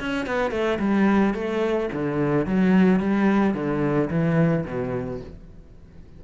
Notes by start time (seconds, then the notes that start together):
0.00 C#4
0.26 B3
0.51 A3
0.80 G3
1.34 A3
1.93 D3
2.46 F#3
3.00 G3
3.54 D3
4.10 E3
4.65 B2